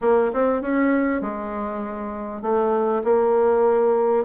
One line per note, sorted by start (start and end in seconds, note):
0.01 0.31 A#3
0.33 0.61 C4
0.61 1.21 C#4
1.21 2.42 G#3
2.42 3.02 A3
3.03 4.25 A#3